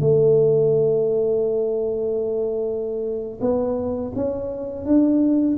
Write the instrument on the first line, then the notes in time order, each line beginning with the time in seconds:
tuba
0.00 A3
3.41 B3
4.15 C#4
4.85 D4